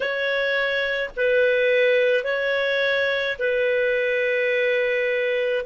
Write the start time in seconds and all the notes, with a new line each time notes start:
0.00 C#5
1.16 B4
2.24 C#5
3.38 B4